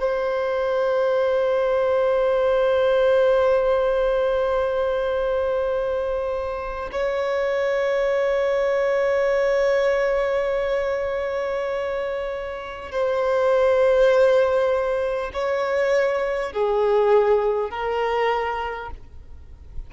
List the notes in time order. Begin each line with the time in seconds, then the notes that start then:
0.00 C5
6.92 C#5
12.92 C5
15.34 C#5
16.53 G#4
17.71 A#4